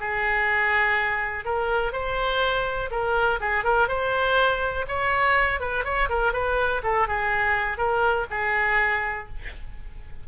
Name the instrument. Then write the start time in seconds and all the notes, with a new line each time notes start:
oboe
0.00 G#4
1.45 A#4
1.92 C5
2.91 A#4
3.40 G#4
3.64 A#4
3.88 C5
4.88 C#5
5.60 B4
5.84 C#5
6.09 A#4
6.33 B4
6.83 A4
7.07 G#4
7.77 A#4
8.30 G#4